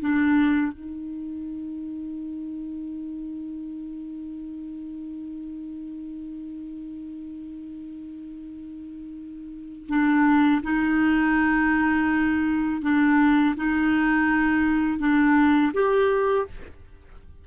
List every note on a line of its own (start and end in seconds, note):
0.00 0.72 D4
0.72 9.87 D#4
9.88 10.61 D4
10.63 12.82 D#4
12.82 13.55 D4
13.56 14.99 D#4
14.99 15.72 D4
15.73 16.46 G4